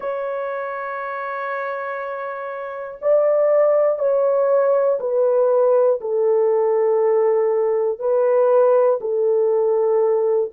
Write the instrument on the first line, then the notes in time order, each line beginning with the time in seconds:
horn
0.00 C#5
3.01 D5
3.99 C#5
5.00 B4
6.00 A4
7.99 B4
9.00 A4